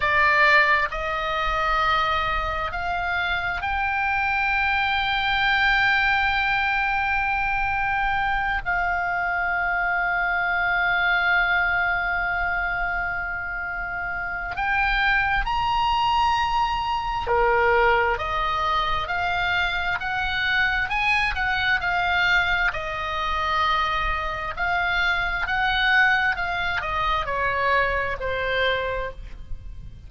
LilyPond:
\new Staff \with { instrumentName = "oboe" } { \time 4/4 \tempo 4 = 66 d''4 dis''2 f''4 | g''1~ | g''4. f''2~ f''8~ | f''1 |
g''4 ais''2 ais'4 | dis''4 f''4 fis''4 gis''8 fis''8 | f''4 dis''2 f''4 | fis''4 f''8 dis''8 cis''4 c''4 | }